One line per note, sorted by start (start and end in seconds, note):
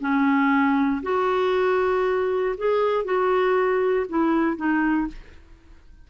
0.00 1.02 C#4
1.02 2.55 F#4
2.57 3.04 G#4
3.04 4.06 F#4
4.09 4.56 E4
4.56 5.07 D#4